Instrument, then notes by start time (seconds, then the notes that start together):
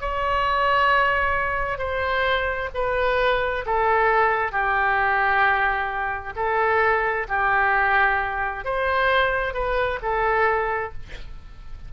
oboe
0.00 C#5
1.79 C5
2.74 B4
3.66 A4
4.52 G4
6.36 A4
7.28 G4
8.65 C5
9.54 B4
10.02 A4